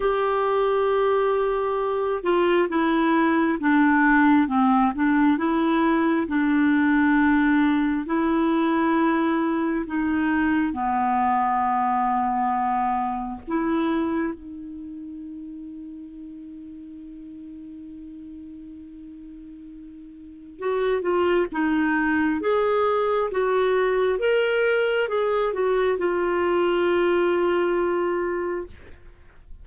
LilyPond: \new Staff \with { instrumentName = "clarinet" } { \time 4/4 \tempo 4 = 67 g'2~ g'8 f'8 e'4 | d'4 c'8 d'8 e'4 d'4~ | d'4 e'2 dis'4 | b2. e'4 |
dis'1~ | dis'2. fis'8 f'8 | dis'4 gis'4 fis'4 ais'4 | gis'8 fis'8 f'2. | }